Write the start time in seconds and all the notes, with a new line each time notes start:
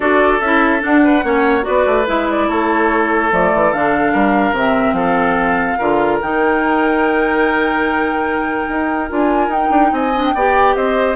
0.00 D4 F#4 A4 D5
0.40 C#4 E4 E5
0.79 D4 F#5
1.04 B4
1.23 A#3 C#4 C#5
1.61 B3 F#4 B4 D5
1.86 A3
2.07 G#3 E4 E5
2.29 D5
2.48 A3 A4 C#5
3.31 F3 A3 D5
3.53 E3
3.73 D3 D4 F5
4.12 G3 A#4
4.51 C3 C4 E5
4.92 F3 A4 F5
5.78 D3 F4 A#4
6.21 D#3 D#4 G5
8.68 D#4
9.09 D4 F4 G#5
9.47 D#4 G5
9.70 D4
9.91 C4 D#5 G#5
10.14 D4
10.24 G5
10.34 B3 G4 D5
10.75 C4 C5 D#5